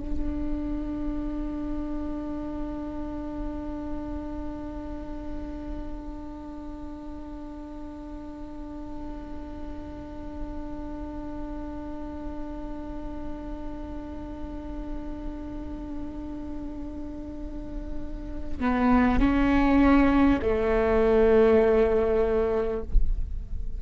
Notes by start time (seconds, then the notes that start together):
0.00 D4
18.59 B3
19.19 C#4
20.42 A3